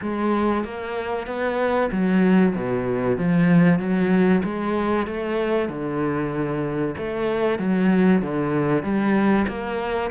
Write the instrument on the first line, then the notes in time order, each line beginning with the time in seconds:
cello
0.01 G#3
0.64 A#3
1.26 B3
1.91 F#3
2.55 B2
3.17 F3
3.79 F#3
4.44 G#3
5.06 A3
5.68 D3
6.97 A3
7.58 F#3
8.22 D3
8.82 G3
9.48 A#3